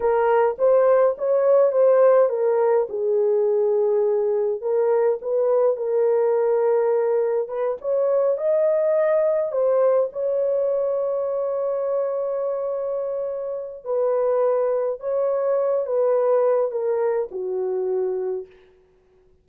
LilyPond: \new Staff \with { instrumentName = "horn" } { \time 4/4 \tempo 4 = 104 ais'4 c''4 cis''4 c''4 | ais'4 gis'2. | ais'4 b'4 ais'2~ | ais'4 b'8 cis''4 dis''4.~ |
dis''8 c''4 cis''2~ cis''8~ | cis''1 | b'2 cis''4. b'8~ | b'4 ais'4 fis'2 | }